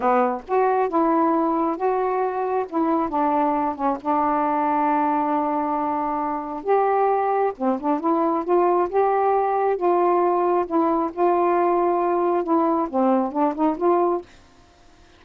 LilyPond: \new Staff \with { instrumentName = "saxophone" } { \time 4/4 \tempo 4 = 135 b4 fis'4 e'2 | fis'2 e'4 d'4~ | d'8 cis'8 d'2.~ | d'2. g'4~ |
g'4 c'8 d'8 e'4 f'4 | g'2 f'2 | e'4 f'2. | e'4 c'4 d'8 dis'8 f'4 | }